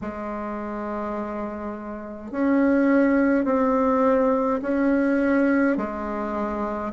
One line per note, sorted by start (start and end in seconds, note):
0.01 2.31 G#3
2.31 3.45 C#4
3.45 4.60 C4
4.62 5.77 C#4
5.77 6.92 G#3